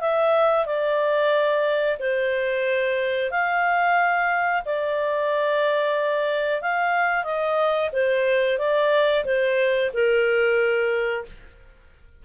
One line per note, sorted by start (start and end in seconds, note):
0.00 0.65 E5
0.65 1.97 D5
1.99 3.31 C5
3.31 4.63 F5
4.65 6.61 D5
6.61 7.24 F5
7.24 7.90 D#5
7.92 8.58 C5
8.58 9.24 D5
9.25 9.91 C5
9.93 11.25 A#4